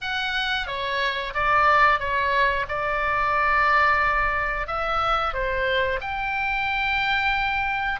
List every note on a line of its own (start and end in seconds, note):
0.01 0.66 F#5
0.66 1.33 C#5
1.34 1.99 D5
1.99 2.66 C#5
2.68 4.67 D5
4.67 5.33 E5
5.33 6.00 C5
6.00 8.00 G5